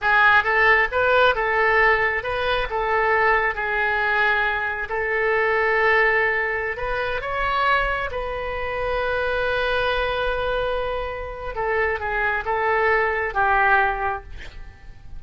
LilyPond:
\new Staff \with { instrumentName = "oboe" } { \time 4/4 \tempo 4 = 135 gis'4 a'4 b'4 a'4~ | a'4 b'4 a'2 | gis'2. a'4~ | a'2.~ a'16 b'8.~ |
b'16 cis''2 b'4.~ b'16~ | b'1~ | b'2 a'4 gis'4 | a'2 g'2 | }